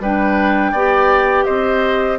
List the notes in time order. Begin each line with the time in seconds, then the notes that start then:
0.00 G3 D4 B4 G5
0.72 B3 G4 D5
1.44 C4 C5 D#5